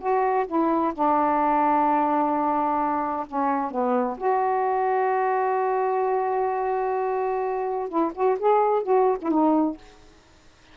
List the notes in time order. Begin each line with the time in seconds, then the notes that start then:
0.00 F#4
0.47 E4
0.94 D4
3.27 C#4
3.71 B3
4.18 F#4
7.89 E4
8.15 F#4
8.40 G#4
8.83 F#4
9.22 E4
9.31 D#4